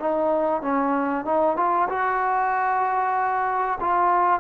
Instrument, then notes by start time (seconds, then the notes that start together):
trombone
0.00 D#4
0.62 C#4
1.25 D#4
1.57 F4
1.89 F#4
3.81 F4